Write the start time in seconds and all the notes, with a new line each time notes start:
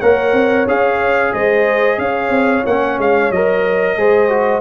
0.00 A#3 A#4 C#5 F#5
0.33 C4
0.67 C#4 G#4 F5
1.33 G#3 C5 D#5
1.98 C#4 C#5 F5
2.29 C4
2.66 A#3 C#4 F#5
2.98 G#3 F5
3.31 F#3 A#4 D#5
3.96 G#3 G#4 C5
4.29 F#4